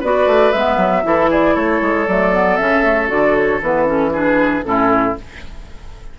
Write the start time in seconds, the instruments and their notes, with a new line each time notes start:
0.00 bassoon B3, clarinet F#4, oboe B4, flute D5
0.26 bassoon A3
0.52 bassoon G#3, clarinet B3, flute E5
0.77 bassoon F#3
1.03 bassoon E3, clarinet E4, oboe A4
1.30 oboe G#4, flute D5
1.55 bassoon A3, oboe A4, flute C#5
1.81 bassoon G#3
2.07 bassoon F#3, clarinet A3, flute D5
2.34 clarinet B3
2.57 bassoon C#3, clarinet C#4, flute E5
2.84 clarinet A3
3.09 bassoon D3, clarinet F#4, flute D5
3.35 flute C#5
3.62 bassoon E3, clarinet B3, flute B4
3.86 clarinet C#4, flute A4
4.13 clarinet D4, oboe G#4, flute B4
4.64 bassoon A2, clarinet C#4, oboe E4, flute A4